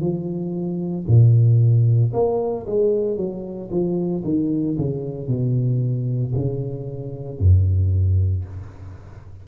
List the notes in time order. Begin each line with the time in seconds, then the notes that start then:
0.00 F3
1.07 A#2
2.13 A#3
2.66 G#3
3.17 F#3
3.70 F3
4.23 D#3
4.78 C#3
5.27 B2
6.34 C#3
7.39 F#2